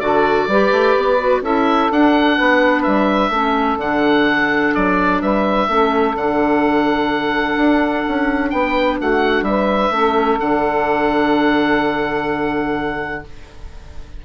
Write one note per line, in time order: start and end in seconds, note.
0.00 0.47 D3
0.00 0.48 F#4
0.00 0.49 A4
0.00 1.42 D5
0.47 0.71 G3
0.47 1.19 G4
0.47 1.42 B4
0.71 0.95 A3
0.97 1.41 B3
1.19 1.42 F#4
1.41 1.89 C#4
1.41 1.91 E4
1.41 2.36 A4
1.41 1.91 E5
1.91 2.38 D4
1.91 3.32 D4
1.91 2.83 F#5
2.37 2.86 B3
2.37 3.32 B4
2.83 3.29 G3
2.83 3.77 E5
3.29 3.76 A3
3.29 3.79 C#4
3.29 5.21 A4
3.77 4.71 D3
3.77 5.68 D4
3.77 4.74 F#5
4.74 5.22 F#3
4.74 5.21 D5
5.21 5.68 G3
5.21 5.68 B4
5.21 6.16 E5
5.68 6.15 A3
5.68 6.15 C#4
5.68 8.52 A4
6.15 7.56 D3
6.15 9.93 D4
6.15 8.50 F#5
7.57 8.04 D4
8.08 8.52 C#4
8.50 9.00 B3
8.50 8.98 B4
8.50 8.97 G5
8.98 9.42 A3
8.98 9.45 F#4
8.98 9.44 F#5
9.42 9.89 G3
9.42 9.94 B4
9.42 10.38 E5
9.90 10.38 A3
9.90 10.40 C#4
9.90 13.24 A4
10.40 13.24 D3
10.40 13.23 D4
10.40 13.23 F#5